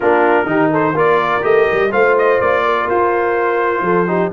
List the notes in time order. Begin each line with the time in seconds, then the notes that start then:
0.00 A#3 D4 F4 A#4
0.45 D#3 D#4 G4
0.71 A4 C5
0.94 A#3 F4 A#4 D5
1.41 A3 G4 D#5
1.72 G3
1.91 A3 F4 C5 F5
2.18 D#5
2.40 A#3 D5
2.65 A#4
2.89 F4 C5
3.81 F3 A4
4.07 D#4 G4